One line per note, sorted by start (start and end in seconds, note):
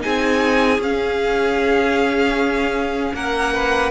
0.00 0.78 C4
0.00 0.78 D#4
0.00 3.14 G#4
0.00 0.80 G#5
0.78 3.12 C#4
0.78 3.90 C#4
0.78 3.15 F5
3.13 3.90 A#3
3.13 3.54 A#4
3.13 3.90 F#5
3.54 3.90 B4